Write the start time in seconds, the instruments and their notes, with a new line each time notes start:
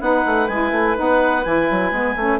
0.00 bassoon B3, saxophone D#4, oboe B4, clarinet F#5
0.25 bassoon A3
0.48 bassoon G#3, saxophone E4, clarinet G#5
0.72 bassoon A3
0.95 bassoon B3, saxophone D#4, clarinet F#5
1.44 bassoon E3, saxophone E4, clarinet G#5
1.70 bassoon F#3
1.91 bassoon G#3, saxophone B3
2.16 bassoon A3, saxophone C#4